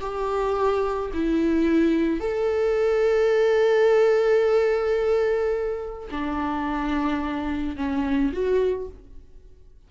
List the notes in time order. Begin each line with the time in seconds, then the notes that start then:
0.00 G4
1.13 E4
2.20 A4
6.11 D4
7.76 C#4
8.33 F#4